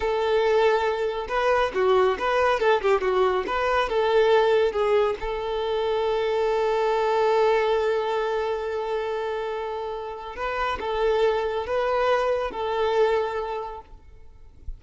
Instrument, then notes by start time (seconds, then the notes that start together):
violin
0.00 A4
1.28 B4
1.74 F#4
2.18 B4
2.59 A4
2.81 G4
3.01 F#4
3.46 B4
3.89 A4
4.72 G#4
5.20 A4
10.35 B4
10.80 A4
11.66 B4
12.51 A4